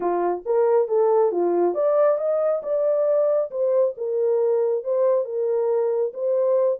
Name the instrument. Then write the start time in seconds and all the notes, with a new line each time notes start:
horn
0.00 F4
0.45 A#4
0.88 A4
1.31 F4
1.74 D5
2.18 D#5
2.63 D5
3.51 C5
3.97 A#4
4.84 C5
5.24 A#4
6.13 C5